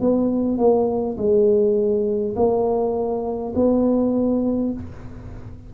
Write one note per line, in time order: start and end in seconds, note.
0.00 0.57 B3
0.57 1.16 A#3
1.17 2.35 G#3
2.35 3.53 A#3
3.55 4.73 B3